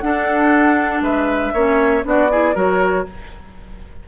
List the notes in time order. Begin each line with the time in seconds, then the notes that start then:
0.00 D4 A4 F#5
1.01 G#3 B4 E5
1.53 A#3 C#4 C#5
2.03 B3 D4 F#4 D5
2.31 E4 G#4
2.54 F#3 F#4 A#4 C#5